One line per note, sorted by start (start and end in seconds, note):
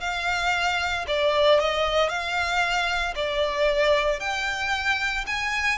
0.00 1.05 F5
1.08 1.60 D5
1.60 2.09 D#5
2.09 3.14 F5
3.15 4.20 D5
4.20 5.25 G5
5.27 5.78 G#5